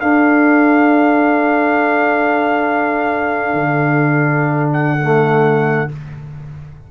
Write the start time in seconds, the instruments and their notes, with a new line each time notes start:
0.00 trombone D4, tuba D4, horn A4, trumpet F5
3.53 tuba D3
4.73 trumpet F#5
5.01 trombone A3